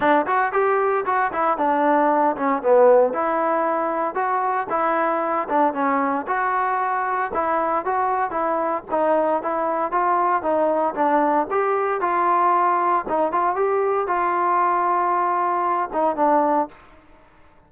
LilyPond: \new Staff \with { instrumentName = "trombone" } { \time 4/4 \tempo 4 = 115 d'8 fis'8 g'4 fis'8 e'8 d'4~ | d'8 cis'8 b4 e'2 | fis'4 e'4. d'8 cis'4 | fis'2 e'4 fis'4 |
e'4 dis'4 e'4 f'4 | dis'4 d'4 g'4 f'4~ | f'4 dis'8 f'8 g'4 f'4~ | f'2~ f'8 dis'8 d'4 | }